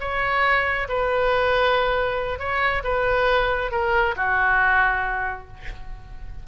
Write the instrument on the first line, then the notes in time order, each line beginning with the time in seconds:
oboe
0.00 C#5
0.88 B4
2.38 C#5
2.83 B4
3.71 A#4
4.16 F#4